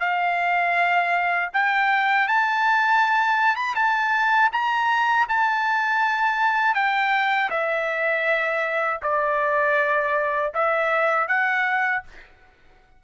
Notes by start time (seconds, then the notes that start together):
0.00 F5
1.54 G5
2.28 A5
3.56 B5
3.75 A5
4.52 A#5
5.29 A5
6.75 G5
7.50 E5
9.02 D5
10.55 E5
11.28 F#5